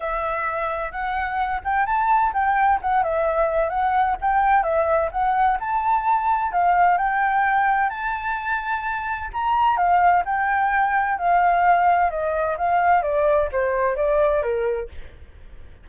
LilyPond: \new Staff \with { instrumentName = "flute" } { \time 4/4 \tempo 4 = 129 e''2 fis''4. g''8 | a''4 g''4 fis''8 e''4. | fis''4 g''4 e''4 fis''4 | a''2 f''4 g''4~ |
g''4 a''2. | ais''4 f''4 g''2 | f''2 dis''4 f''4 | d''4 c''4 d''4 ais'4 | }